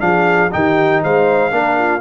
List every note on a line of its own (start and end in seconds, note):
0.00 0.52 F3
0.00 0.50 D4
0.00 0.52 G#4
0.00 0.51 F5
0.51 1.04 D#3
0.51 1.51 D#4
0.51 1.03 G4
0.51 1.03 G5
1.03 1.51 G#3
1.03 1.53 C5
1.03 2.01 F5
1.51 2.01 A#3
1.51 2.01 D4
1.51 1.78 A#4
1.79 2.01 F4